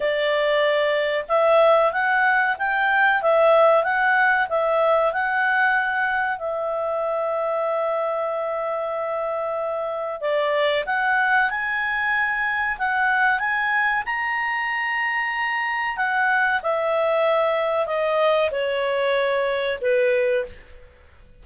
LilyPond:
\new Staff \with { instrumentName = "clarinet" } { \time 4/4 \tempo 4 = 94 d''2 e''4 fis''4 | g''4 e''4 fis''4 e''4 | fis''2 e''2~ | e''1 |
d''4 fis''4 gis''2 | fis''4 gis''4 ais''2~ | ais''4 fis''4 e''2 | dis''4 cis''2 b'4 | }